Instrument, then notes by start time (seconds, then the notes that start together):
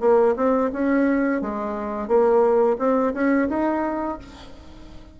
bassoon
0.00 A#3
0.36 C4
0.72 C#4
1.41 G#3
2.08 A#3
2.78 C4
3.13 C#4
3.49 D#4